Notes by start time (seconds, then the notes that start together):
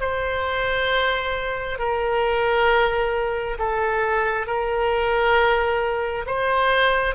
0.00 C5
1.79 A#4
3.59 A4
4.46 A#4
6.26 C5